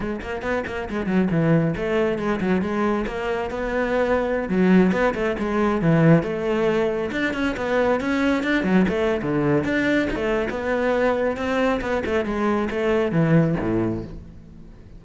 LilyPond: \new Staff \with { instrumentName = "cello" } { \time 4/4 \tempo 4 = 137 gis8 ais8 b8 ais8 gis8 fis8 e4 | a4 gis8 fis8 gis4 ais4 | b2~ b16 fis4 b8 a16~ | a16 gis4 e4 a4.~ a16~ |
a16 d'8 cis'8 b4 cis'4 d'8 fis16~ | fis16 a8. d4 d'4 dis'16 a8. | b2 c'4 b8 a8 | gis4 a4 e4 a,4 | }